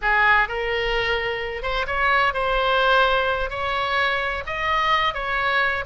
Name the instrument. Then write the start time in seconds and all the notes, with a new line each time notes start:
oboe
0.01 G#4
0.48 A#4
1.62 C5
1.86 C#5
2.33 C5
3.49 C#5
4.46 D#5
5.13 C#5